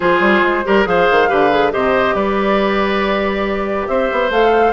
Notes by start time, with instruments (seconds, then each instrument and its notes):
0.00 bassoon F3, clarinet F4, oboe G#4, flute C5
0.20 bassoon G3
0.42 bassoon G#3
0.64 bassoon G3, clarinet G4, oboe A#4
0.85 bassoon F3, clarinet G#4, oboe C5, flute F5
1.11 bassoon D#3
1.28 bassoon D3, clarinet G4, oboe B4
1.51 clarinet G#4
1.71 bassoon C3, clarinet G4, oboe C5, flute D#5
2.14 bassoon G3, oboe B4, flute D5
3.87 bassoon C4, oboe C5, flute E5
4.12 bassoon B3
4.30 bassoon A3, clarinet A4, flute F5